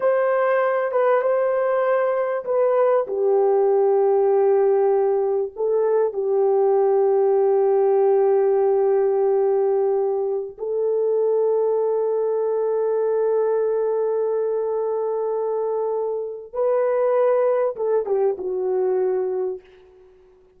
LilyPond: \new Staff \with { instrumentName = "horn" } { \time 4/4 \tempo 4 = 98 c''4. b'8 c''2 | b'4 g'2.~ | g'4 a'4 g'2~ | g'1~ |
g'4~ g'16 a'2~ a'8.~ | a'1~ | a'2. b'4~ | b'4 a'8 g'8 fis'2 | }